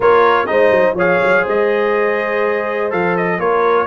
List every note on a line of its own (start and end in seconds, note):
0.00 0.48 A#3
0.00 0.46 F4
0.00 0.47 A#4
0.00 0.46 C#5
0.46 0.70 G#3
0.46 0.95 D#4
0.46 0.94 C5
0.46 0.95 D#5
0.70 0.93 F#3
0.93 1.18 F3
0.93 2.90 G#4
0.93 1.42 C#5
0.93 1.47 F5
1.22 1.47 F#3
1.42 2.92 G#3
1.42 3.35 C5
1.48 2.92 D#5
2.90 3.38 F3
2.90 3.38 A4
2.90 3.16 F5
3.16 3.40 D#5
3.38 3.87 A#3
3.38 3.87 F4
3.38 3.87 A#4
3.38 3.87 C#5